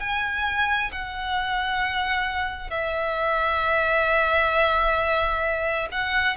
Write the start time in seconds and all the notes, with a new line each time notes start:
0.00 G#5
0.92 F#5
2.70 E5
5.91 F#5